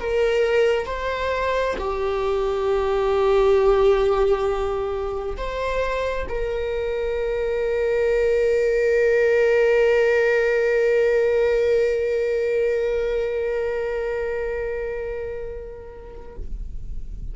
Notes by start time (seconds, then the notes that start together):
0.00 A#4
0.86 C5
1.78 G4
5.37 C5
6.29 A#4